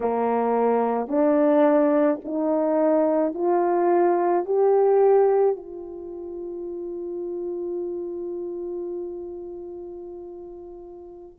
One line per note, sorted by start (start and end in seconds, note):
0.00 1.08 A#3
1.08 2.19 D4
2.24 3.34 D#4
3.34 4.44 F4
4.44 5.56 G4
5.56 11.38 F4